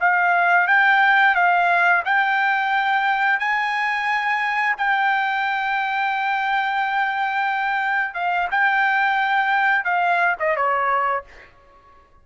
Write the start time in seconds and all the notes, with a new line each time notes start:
0.00 F5
0.67 G5
1.35 F5
2.05 G5
3.39 G#5
4.77 G5
8.14 F5
8.51 G5
9.85 F5
10.39 D#5
10.56 C#5